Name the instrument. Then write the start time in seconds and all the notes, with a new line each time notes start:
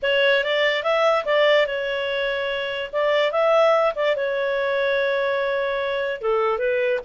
clarinet
0.02 C#5
0.44 D5
0.83 E5
1.25 D5
1.66 C#5
2.92 D5
3.31 E5
3.95 D5
4.15 C#5
6.21 A4
6.58 B4